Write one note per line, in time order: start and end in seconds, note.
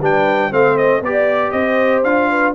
0.00 0.51 G3
0.00 0.51 D4
0.00 0.51 B4
0.00 0.53 G5
0.51 1.01 A3
0.51 1.01 C4
0.51 1.03 C5
0.51 0.77 F5
0.77 1.02 D#5
1.01 1.52 B3
1.01 2.05 G4
1.01 1.53 D5
1.01 1.51 D5
1.51 2.03 C4
1.51 2.30 C5
1.51 2.02 D#5
2.03 2.54 D4
2.03 2.54 F4
2.03 2.54 F5
2.30 2.54 B4